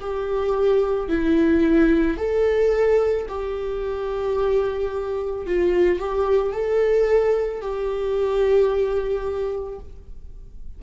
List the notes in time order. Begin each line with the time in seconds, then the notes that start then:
0.00 G4
1.09 E4
2.17 A4
3.29 G4
5.46 F4
6.00 G4
6.52 A4
7.61 G4